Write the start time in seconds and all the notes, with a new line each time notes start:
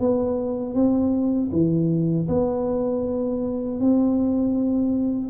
0.00 B3
0.75 C4
1.52 E3
2.29 B3
3.80 C4